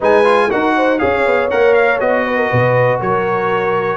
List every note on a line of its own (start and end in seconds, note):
0.00 0.51 G#3
0.00 0.24 D#4
0.00 0.49 B4
0.00 0.51 G#5
0.24 0.49 F4
0.49 1.02 D#4
0.49 0.99 F#4
0.49 0.75 A#4
0.49 0.99 F#5
0.76 0.99 C5
0.99 1.26 C#4
0.99 1.49 G#4
0.99 2.24 C#5
0.99 1.49 F5
1.26 1.51 B3
1.50 2.00 A#3
1.50 2.00 A#4
1.50 1.73 F#5
1.73 1.98 F5
1.99 2.50 B3
1.99 3.96 F#4
1.99 2.99 D#5
2.24 2.37 B4
2.37 2.49 A#4
2.49 3.01 B2
2.49 2.99 B4
2.99 3.96 F#3
2.99 3.96 A#4
2.99 3.96 C#5